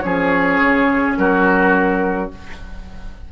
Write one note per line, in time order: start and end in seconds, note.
0.00 0.59 F3
0.00 2.29 C#4
0.00 1.18 G#4
0.00 1.13 C#5
0.59 1.16 C#3
1.17 2.30 F#3
1.17 2.31 F#4
1.17 2.30 A#4